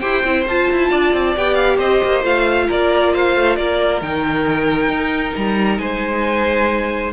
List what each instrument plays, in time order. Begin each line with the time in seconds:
0.00 cello E4, viola G4, violin C5 G5
0.24 cello C4, viola E4
0.48 cello F4, viola F4, violin A5
0.71 cello E4
0.90 cello D4, violin D5
1.13 cello C4
1.36 cello B3, viola G4, violin G5
1.54 violin F5
1.77 cello C4, violin C5 D#5
2.04 cello A#3
2.23 cello A3, viola F4, violin F5
2.68 cello A#3, violin A#4 D5
3.13 violin C5 F5
3.36 cello A3
3.55 cello A#3, violin A#4 D5
4.01 cello D#3, viola D#4, violin G5
4.88 cello D#4
5.36 cello G3, violin A#5
5.78 cello G#3, violin C5 G#5